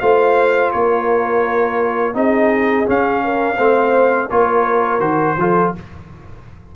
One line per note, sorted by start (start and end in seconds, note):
0.00 0.73 A3
0.00 2.14 F4
0.00 0.73 C5
0.00 0.71 F5
0.72 2.15 A#3
0.72 2.16 A#4
0.72 2.15 C#5
2.14 2.87 C4
2.14 2.86 D#4
2.14 3.24 G#4
2.14 2.88 D#5
2.86 3.57 C#4
2.86 3.58 C#4
2.86 4.30 F5
3.25 3.56 A#4
3.56 4.30 A3
3.56 4.30 C4
3.56 4.28 C5
4.30 5.00 A#3
4.30 5.00 F4
4.30 5.39 A#4
4.30 5.01 C#5
5.00 5.35 D#3
5.00 5.36 F#4
5.00 5.72 C5
5.37 5.73 F3
5.37 5.76 F4
5.37 5.76 A4